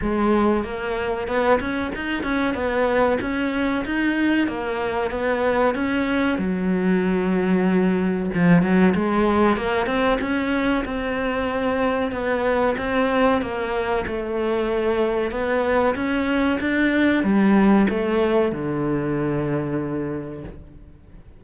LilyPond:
\new Staff \with { instrumentName = "cello" } { \time 4/4 \tempo 4 = 94 gis4 ais4 b8 cis'8 dis'8 cis'8 | b4 cis'4 dis'4 ais4 | b4 cis'4 fis2~ | fis4 f8 fis8 gis4 ais8 c'8 |
cis'4 c'2 b4 | c'4 ais4 a2 | b4 cis'4 d'4 g4 | a4 d2. | }